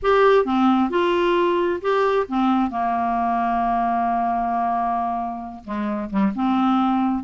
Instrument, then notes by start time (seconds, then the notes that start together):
clarinet
0.02 G4
0.45 C4
0.90 F4
1.81 G4
2.27 C4
2.70 A#3
5.64 G#3
6.10 G3
6.35 C4